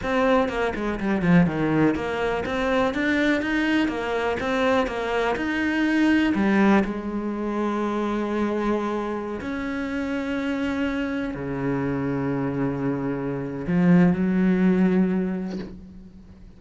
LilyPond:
\new Staff \with { instrumentName = "cello" } { \time 4/4 \tempo 4 = 123 c'4 ais8 gis8 g8 f8 dis4 | ais4 c'4 d'4 dis'4 | ais4 c'4 ais4 dis'4~ | dis'4 g4 gis2~ |
gis2.~ gis16 cis'8.~ | cis'2.~ cis'16 cis8.~ | cis1 | f4 fis2. | }